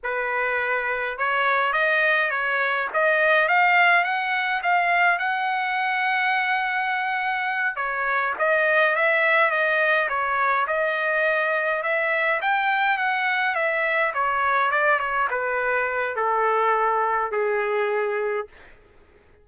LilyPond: \new Staff \with { instrumentName = "trumpet" } { \time 4/4 \tempo 4 = 104 b'2 cis''4 dis''4 | cis''4 dis''4 f''4 fis''4 | f''4 fis''2.~ | fis''4. cis''4 dis''4 e''8~ |
e''8 dis''4 cis''4 dis''4.~ | dis''8 e''4 g''4 fis''4 e''8~ | e''8 cis''4 d''8 cis''8 b'4. | a'2 gis'2 | }